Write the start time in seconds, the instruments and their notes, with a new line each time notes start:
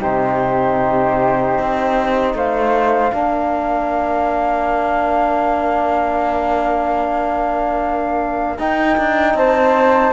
0.00 cello C3, trombone D#4, flute G4 C5
1.58 cello C4
2.34 cello A3, flute C5 F5
3.12 cello A#3, trombone D4, flute A#4
8.59 cello D#4, trombone D#4, flute G5
8.98 cello D4
9.34 cello C4, flute C5 A5